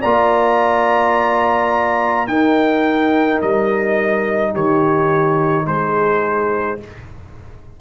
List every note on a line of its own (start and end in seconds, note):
0.00 2.27 A#3
0.00 2.28 F4
0.00 2.26 D5
0.00 2.27 A#5
2.27 3.41 D#4
2.27 6.80 D#4
2.27 4.52 A#4
2.27 3.40 G5
3.42 4.55 G3
3.42 4.55 D#5
4.52 5.66 D#3
4.52 5.65 G4
4.52 5.67 C#5
5.66 6.79 G#3
5.66 6.79 G#4
5.66 6.80 C5